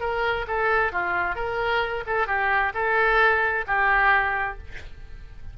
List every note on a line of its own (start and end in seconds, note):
0.00 0.45 A#4
0.47 0.92 A4
0.92 1.35 F4
1.35 2.04 A#4
2.06 2.27 A4
2.27 2.72 G4
2.74 3.65 A4
3.67 4.58 G4